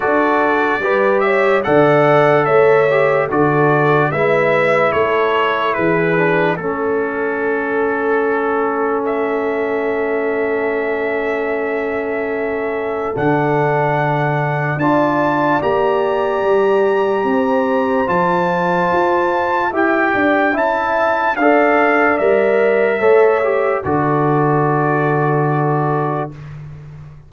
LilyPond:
<<
  \new Staff \with { instrumentName = "trumpet" } { \time 4/4 \tempo 4 = 73 d''4. e''8 fis''4 e''4 | d''4 e''4 cis''4 b'4 | a'2. e''4~ | e''1 |
fis''2 a''4 ais''4~ | ais''2 a''2 | g''4 a''4 f''4 e''4~ | e''4 d''2. | }
  \new Staff \with { instrumentName = "horn" } { \time 4/4 a'4 b'8 cis''8 d''4 cis''4 | a'4 b'4 a'4 gis'4 | a'1~ | a'1~ |
a'2 d''2~ | d''4 c''2. | e''8 d''8 e''4 d''2 | cis''4 a'2. | }
  \new Staff \with { instrumentName = "trombone" } { \time 4/4 fis'4 g'4 a'4. g'8 | fis'4 e'2~ e'8 d'8 | cis'1~ | cis'1 |
d'2 f'4 g'4~ | g'2 f'2 | g'4 e'4 a'4 ais'4 | a'8 g'8 fis'2. | }
  \new Staff \with { instrumentName = "tuba" } { \time 4/4 d'4 g4 d4 a4 | d4 gis4 a4 e4 | a1~ | a1 |
d2 d'4 ais4 | g4 c'4 f4 f'4 | e'8 d'8 cis'4 d'4 g4 | a4 d2. | }
>>